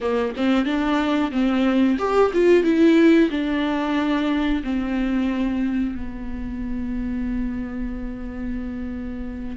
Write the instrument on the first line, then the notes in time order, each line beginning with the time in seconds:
viola
0.01 A#3
0.36 C4
0.65 D4
1.31 C4
1.98 G4
2.33 F4
2.63 E4
3.30 D4
4.63 C4
5.95 B3